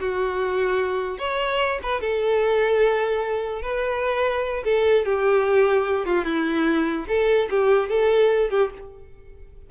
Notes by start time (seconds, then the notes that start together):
0.00 F#4
1.18 C#5
1.83 B4
2.01 A4
3.62 B4
4.64 A4
5.05 G4
6.06 F4
6.25 E4
7.08 A4
7.50 G4
7.89 A4
8.50 G4